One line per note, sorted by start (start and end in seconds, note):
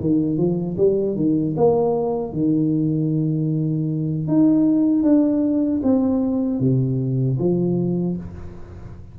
0.00 0.38 D#3
0.38 0.77 F3
0.77 1.15 G3
1.16 1.55 D#3
1.57 2.32 A#3
2.32 4.27 D#3
4.27 5.03 D#4
5.03 5.81 D4
5.83 6.60 C4
6.60 7.37 C3
7.39 8.17 F3